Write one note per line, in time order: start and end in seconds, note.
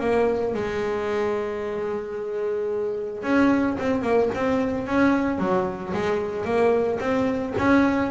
0.00 0.54 A#3
0.54 3.23 G#3
3.23 3.77 C#4
3.79 4.02 C4
4.02 4.29 A#3
4.35 4.87 C4
4.87 5.39 C#4
5.39 5.93 F#3
5.93 6.45 G#3
6.45 6.99 A#3
7.00 7.54 C4
7.58 8.11 C#4